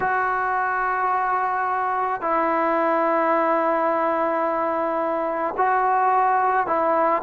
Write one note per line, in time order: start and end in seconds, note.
0.00 2.21 F#4
2.21 5.54 E4
5.57 6.66 F#4
6.66 7.22 E4